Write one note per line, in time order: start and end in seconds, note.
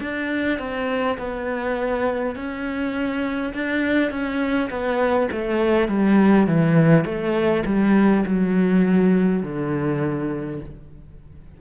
0.00 0.58 D4
0.58 1.17 C4
1.18 2.35 B3
2.35 3.53 C#4
3.53 4.11 D4
4.11 4.70 C#4
4.70 5.28 B3
5.31 5.88 A3
5.88 6.47 G3
6.47 7.05 E3
7.05 7.64 A3
7.65 8.24 G3
8.25 9.43 F#3
9.43 10.60 D3